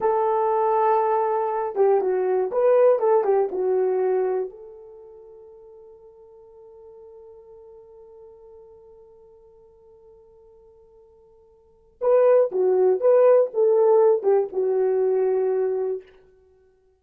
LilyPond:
\new Staff \with { instrumentName = "horn" } { \time 4/4 \tempo 4 = 120 a'2.~ a'8 g'8 | fis'4 b'4 a'8 g'8 fis'4~ | fis'4 a'2.~ | a'1~ |
a'1~ | a'1 | b'4 fis'4 b'4 a'4~ | a'8 g'8 fis'2. | }